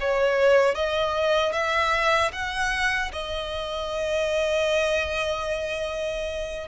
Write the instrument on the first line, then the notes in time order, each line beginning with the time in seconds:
violin
0.00 C#5
0.75 D#5
1.53 E5
2.33 F#5
3.13 D#5